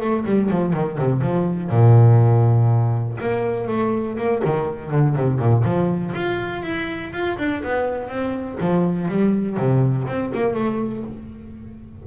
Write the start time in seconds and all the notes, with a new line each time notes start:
0.00 A3
0.25 G3
0.51 F3
0.74 D#3
0.98 C3
1.21 F3
1.70 A#2
3.21 A#3
3.68 A3
4.18 A#3
4.45 D#3
4.91 D3
5.16 C3
5.39 A#2
5.65 F3
6.15 F4
6.63 E4
7.13 F4
7.38 D4
7.64 B3
8.09 C4
8.60 F3
9.08 G3
9.57 C3
10.08 C4
10.34 A#3
10.54 A3